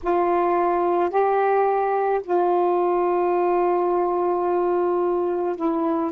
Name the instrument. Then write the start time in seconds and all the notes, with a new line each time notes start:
saxophone
0.03 F4
1.10 G4
2.23 F4
5.56 E4